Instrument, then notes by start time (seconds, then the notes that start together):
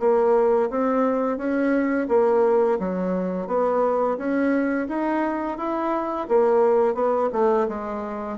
bassoon
0.00 A#3
0.70 C4
1.38 C#4
2.09 A#3
2.79 F#3
3.48 B3
4.18 C#4
4.88 D#4
5.58 E4
6.29 A#3
6.95 B3
7.33 A3
7.69 G#3